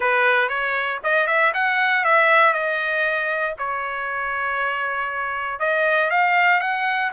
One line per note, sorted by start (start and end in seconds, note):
0.00 0.48 B4
0.48 0.99 C#5
1.03 1.26 D#5
1.26 1.52 E5
1.54 2.04 F#5
2.04 2.53 E5
2.53 3.55 D#5
3.58 5.59 C#5
5.59 6.10 D#5
6.10 6.60 F5
6.60 7.11 F#5